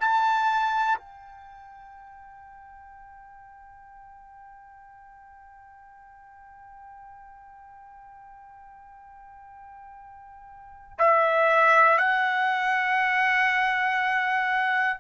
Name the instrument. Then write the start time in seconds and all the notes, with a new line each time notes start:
trumpet
0.00 A5
0.98 G5
10.99 E5
11.98 F#5